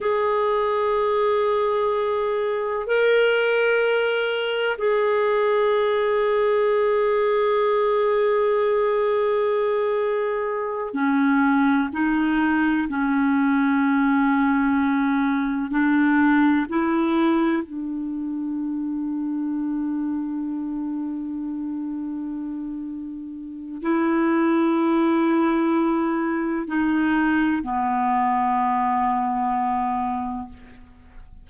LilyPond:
\new Staff \with { instrumentName = "clarinet" } { \time 4/4 \tempo 4 = 63 gis'2. ais'4~ | ais'4 gis'2.~ | gis'2.~ gis'8 cis'8~ | cis'8 dis'4 cis'2~ cis'8~ |
cis'8 d'4 e'4 d'4.~ | d'1~ | d'4 e'2. | dis'4 b2. | }